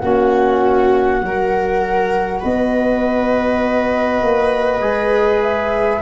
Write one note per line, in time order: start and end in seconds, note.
0.00 1.22 A#3
0.00 1.21 C#4
0.00 1.23 F#4
0.00 2.40 F#5
1.21 2.42 F#3
1.21 4.80 F#4
1.21 2.40 A#4
2.40 4.22 B3
2.40 6.00 B4
2.40 5.42 D#5
4.22 4.80 A#3
4.80 6.00 G#3
4.80 6.00 G#4
5.42 6.02 E5